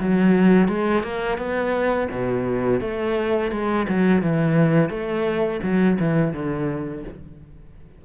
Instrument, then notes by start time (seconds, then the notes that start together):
cello
0.00 F#3
0.68 G#3
1.03 A#3
1.38 B3
2.11 B2
2.81 A3
3.51 G#3
3.89 F#3
4.22 E3
4.90 A3
5.63 F#3
5.99 E3
6.33 D3